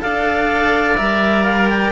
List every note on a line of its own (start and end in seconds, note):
0.00 0.99 D4
0.00 0.95 A4
0.00 1.92 D5
0.00 0.96 F5
0.96 1.92 G3
0.96 1.92 A#4
0.96 1.44 E5
1.44 1.68 F5
1.69 1.92 G5